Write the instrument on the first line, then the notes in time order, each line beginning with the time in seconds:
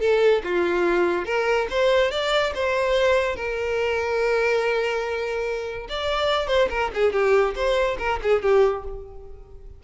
violin
0.00 A4
0.43 F4
1.25 A#4
1.70 C5
2.11 D5
2.54 C5
3.35 A#4
5.89 D5
6.47 C5
6.70 A#4
6.94 G#4
7.12 G4
7.55 C5
7.98 A#4
8.22 G#4
8.42 G4